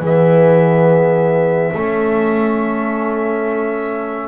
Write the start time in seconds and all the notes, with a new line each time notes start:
0.00 E3 B3 G#4 E5
1.74 A3 C#4 A4